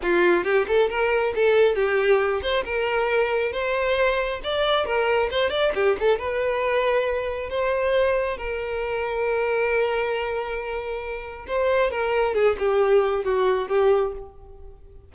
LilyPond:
\new Staff \with { instrumentName = "violin" } { \time 4/4 \tempo 4 = 136 f'4 g'8 a'8 ais'4 a'4 | g'4. c''8 ais'2 | c''2 d''4 ais'4 | c''8 d''8 g'8 a'8 b'2~ |
b'4 c''2 ais'4~ | ais'1~ | ais'2 c''4 ais'4 | gis'8 g'4. fis'4 g'4 | }